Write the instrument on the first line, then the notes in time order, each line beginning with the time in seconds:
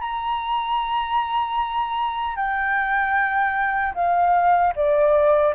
flute
0.00 A#5
2.35 G5
3.94 F5
4.75 D5